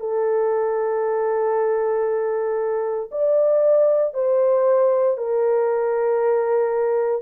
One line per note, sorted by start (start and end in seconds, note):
0.00 3.10 A4
3.12 4.14 D5
4.14 5.18 C5
5.18 7.22 A#4